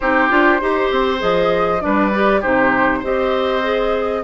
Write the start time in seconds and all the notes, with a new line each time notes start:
0.00 C4 D#4 G4 C5
0.29 D4 F4
0.60 D#4 G4 C5
0.91 C4
1.18 F3 G#4 D#5
1.80 G3 D4 B4 D5
2.13 G4
2.41 C3 D#4 G4 C5
2.99 C4 G4 C5 D#5
3.62 G#4